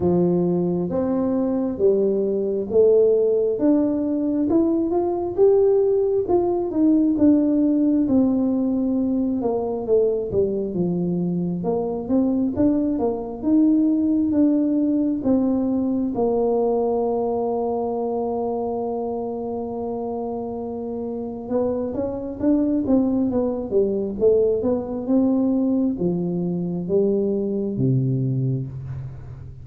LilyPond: \new Staff \with { instrumentName = "tuba" } { \time 4/4 \tempo 4 = 67 f4 c'4 g4 a4 | d'4 e'8 f'8 g'4 f'8 dis'8 | d'4 c'4. ais8 a8 g8 | f4 ais8 c'8 d'8 ais8 dis'4 |
d'4 c'4 ais2~ | ais1 | b8 cis'8 d'8 c'8 b8 g8 a8 b8 | c'4 f4 g4 c4 | }